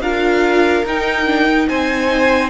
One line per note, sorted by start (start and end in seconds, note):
0.00 0.83 D4
0.00 0.85 F4
0.00 1.68 A#4
0.00 0.85 F5
0.85 1.68 D#4
0.85 1.26 D#4
0.85 1.69 G5
1.26 1.47 D4
1.49 2.49 D#4
1.68 2.49 C4
1.68 2.49 C5
1.68 2.49 G#5